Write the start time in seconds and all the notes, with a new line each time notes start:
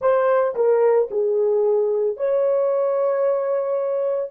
0.00 C5
0.55 A#4
1.10 G#4
2.17 C#5